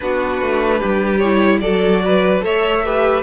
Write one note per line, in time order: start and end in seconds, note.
0.00 0.41 B3
0.00 1.22 D4
0.00 0.78 F#4
0.00 1.18 B4
0.41 0.82 A3
0.78 1.60 G3
0.78 1.59 G4
1.18 1.64 E4
1.18 1.58 C#5
1.60 2.41 F#3
1.60 2.40 F#4
1.60 2.02 A4
1.60 2.41 D5
2.04 2.44 B4
2.40 3.22 A3
2.40 2.80 A4
2.40 2.84 C#5
2.40 3.22 E5
2.84 3.22 G4
2.84 3.22 B4